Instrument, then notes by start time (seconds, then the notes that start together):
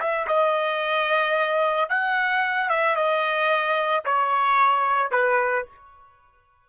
trumpet
0.00 E5
0.28 D#5
1.89 F#5
2.70 E5
2.96 D#5
4.05 C#5
5.12 B4